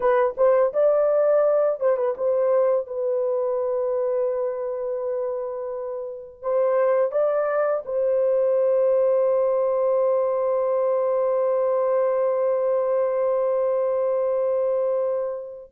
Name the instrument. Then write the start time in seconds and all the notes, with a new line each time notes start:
horn
0.00 B4
0.37 C5
0.73 D5
1.80 C5
1.96 B4
2.17 C5
2.86 B4
6.42 C5
7.11 D5
7.85 C5